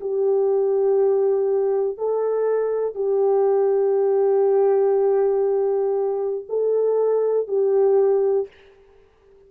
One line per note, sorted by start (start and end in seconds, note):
0.00 1.98 G4
1.98 2.95 A4
2.95 6.45 G4
6.48 7.47 A4
7.47 8.47 G4